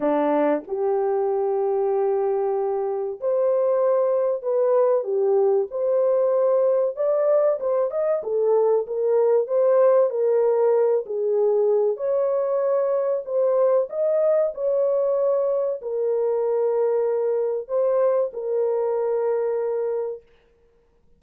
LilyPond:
\new Staff \with { instrumentName = "horn" } { \time 4/4 \tempo 4 = 95 d'4 g'2.~ | g'4 c''2 b'4 | g'4 c''2 d''4 | c''8 dis''8 a'4 ais'4 c''4 |
ais'4. gis'4. cis''4~ | cis''4 c''4 dis''4 cis''4~ | cis''4 ais'2. | c''4 ais'2. | }